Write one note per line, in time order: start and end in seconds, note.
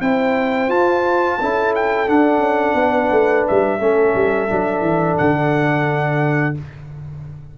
0.00 0.68 C4
0.00 0.69 E4
0.00 1.40 C5
0.00 0.70 G5
0.68 1.37 F4
0.68 1.38 F4
0.68 1.73 A5
1.40 2.08 C#4
1.40 2.06 E4
1.40 2.78 A4
1.75 2.08 G5
2.06 3.79 D4
2.06 2.38 D4
2.06 3.46 F#5
2.38 2.73 C#4
2.74 3.08 B3
2.74 3.80 B4
3.11 3.46 A3
3.47 3.79 G3
3.47 5.17 E5
3.79 4.14 A3
3.79 4.47 C#4
3.79 6.55 A4
4.14 4.49 G3
4.47 4.80 F#3
4.47 6.54 D4
4.80 5.15 E3
5.17 6.58 D3
5.17 6.55 F#5